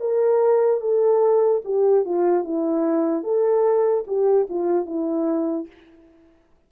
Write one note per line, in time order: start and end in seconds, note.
0.00 0.80 A#4
0.80 1.61 A4
1.64 2.05 G4
2.05 2.44 F4
2.44 3.23 E4
3.23 4.04 A4
4.07 4.47 G4
4.49 4.85 F4
4.85 5.66 E4